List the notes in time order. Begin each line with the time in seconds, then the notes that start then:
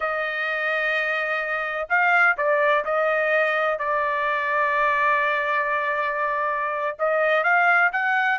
0.00 D#5
1.89 F5
2.37 D5
2.85 D#5
3.78 D5
6.98 D#5
7.43 F5
7.92 F#5